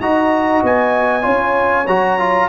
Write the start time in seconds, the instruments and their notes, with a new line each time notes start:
0.00 tuba D#4, trombone F#4, horn D#5, trumpet A#5
0.63 tuba B3, trumpet G#5
1.22 tuba C#4, trombone F4, horn C#5
1.87 tuba F#3, trombone F#4, trumpet A#5
2.19 trombone F4